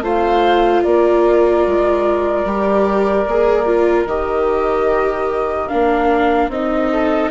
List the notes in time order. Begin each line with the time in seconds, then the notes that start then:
0.00 A3 F4 C5 F5
0.82 A#3 A#4 D5
1.66 G#3
2.44 G3 G4
3.27 A#3 G#4
3.66 F4
4.05 D#3 G4 D#5
5.68 A#3 D4 F5
6.48 C4 D#4 D#5
6.92 A4